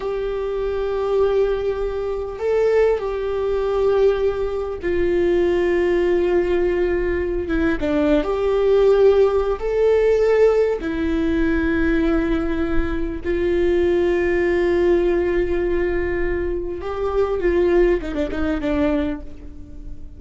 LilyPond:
\new Staff \with { instrumentName = "viola" } { \time 4/4 \tempo 4 = 100 g'1 | a'4 g'2. | f'1~ | f'8 e'8 d'8. g'2~ g'16 |
a'2 e'2~ | e'2 f'2~ | f'1 | g'4 f'4 dis'16 d'16 dis'8 d'4 | }